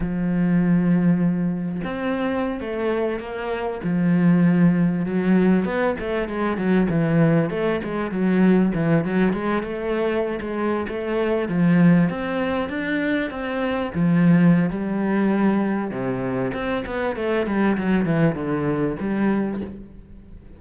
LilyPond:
\new Staff \with { instrumentName = "cello" } { \time 4/4 \tempo 4 = 98 f2. c'4~ | c'16 a4 ais4 f4.~ f16~ | f16 fis4 b8 a8 gis8 fis8 e8.~ | e16 a8 gis8 fis4 e8 fis8 gis8 a16~ |
a4 gis8. a4 f4 c'16~ | c'8. d'4 c'4 f4~ f16 | g2 c4 c'8 b8 | a8 g8 fis8 e8 d4 g4 | }